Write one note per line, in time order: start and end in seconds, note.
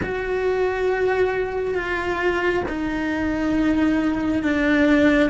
0.02 1.74 F#4
1.74 2.63 F4
2.68 4.42 D#4
4.42 5.29 D4